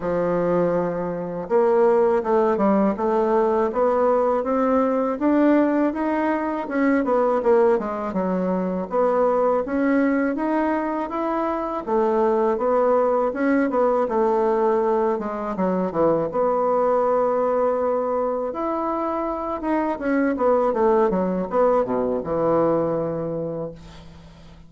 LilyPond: \new Staff \with { instrumentName = "bassoon" } { \time 4/4 \tempo 4 = 81 f2 ais4 a8 g8 | a4 b4 c'4 d'4 | dis'4 cis'8 b8 ais8 gis8 fis4 | b4 cis'4 dis'4 e'4 |
a4 b4 cis'8 b8 a4~ | a8 gis8 fis8 e8 b2~ | b4 e'4. dis'8 cis'8 b8 | a8 fis8 b8 b,8 e2 | }